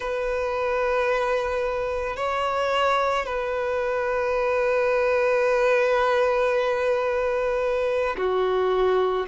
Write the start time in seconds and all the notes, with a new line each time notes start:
0.00 B4
2.16 C#5
3.25 B4
8.17 F#4